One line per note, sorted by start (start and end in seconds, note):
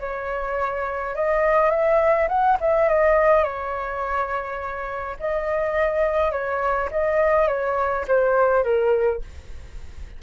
0.00 1.15 C#5
1.15 1.70 D#5
1.70 2.28 E5
2.28 2.57 F#5
2.60 2.88 E5
2.88 3.44 D#5
3.44 5.17 C#5
5.20 6.31 D#5
6.31 6.89 C#5
6.91 7.47 D#5
7.47 8.05 C#5
8.07 8.64 C5
8.64 9.22 A#4